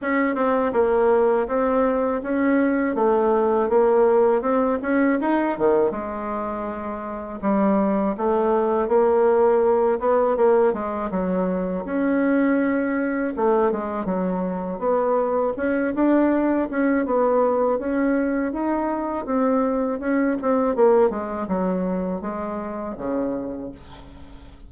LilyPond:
\new Staff \with { instrumentName = "bassoon" } { \time 4/4 \tempo 4 = 81 cis'8 c'8 ais4 c'4 cis'4 | a4 ais4 c'8 cis'8 dis'8 dis8 | gis2 g4 a4 | ais4. b8 ais8 gis8 fis4 |
cis'2 a8 gis8 fis4 | b4 cis'8 d'4 cis'8 b4 | cis'4 dis'4 c'4 cis'8 c'8 | ais8 gis8 fis4 gis4 cis4 | }